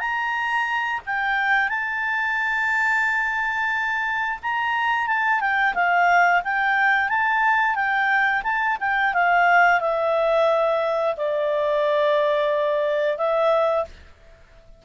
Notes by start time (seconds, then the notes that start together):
0.00 A#5
1.06 G5
1.69 A5
4.43 A#5
5.07 A5
5.41 G5
5.75 F5
6.44 G5
7.09 A5
7.76 G5
8.44 A5
8.81 G5
9.14 F5
9.81 E5
11.18 D5
13.18 E5